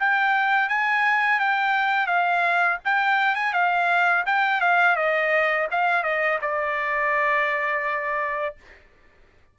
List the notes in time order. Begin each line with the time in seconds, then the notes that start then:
0.00 G5
0.69 G#5
1.40 G5
2.07 F5
2.85 G5
3.36 G#5
3.54 F5
4.26 G5
4.61 F5
4.96 D#5
5.71 F5
6.04 D#5
6.42 D5